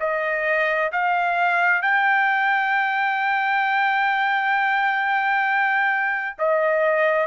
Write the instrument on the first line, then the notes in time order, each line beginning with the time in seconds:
trumpet
0.00 D#5
0.93 F5
1.82 G5
6.39 D#5